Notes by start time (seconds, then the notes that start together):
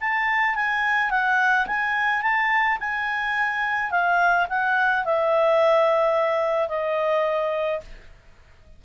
0.00 A5
0.55 G#5
1.10 F#5
1.67 G#5
2.22 A5
2.80 G#5
3.90 F5
4.49 F#5
5.04 E5
6.68 D#5